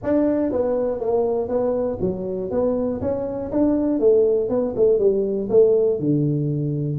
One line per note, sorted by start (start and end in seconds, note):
0.03 0.52 D4
0.52 1.00 B3
1.00 1.48 A#3
1.48 1.98 B3
2.00 2.50 F#3
2.50 3.00 B3
3.01 3.51 C#4
3.51 3.99 D4
3.99 4.49 A3
4.49 4.74 B3
4.75 4.98 A3
4.98 5.48 G3
5.49 5.99 A3
5.99 6.98 D3